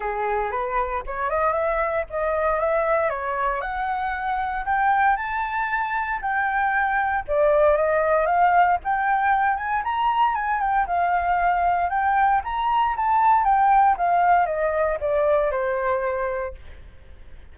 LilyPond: \new Staff \with { instrumentName = "flute" } { \time 4/4 \tempo 4 = 116 gis'4 b'4 cis''8 dis''8 e''4 | dis''4 e''4 cis''4 fis''4~ | fis''4 g''4 a''2 | g''2 d''4 dis''4 |
f''4 g''4. gis''8 ais''4 | gis''8 g''8 f''2 g''4 | ais''4 a''4 g''4 f''4 | dis''4 d''4 c''2 | }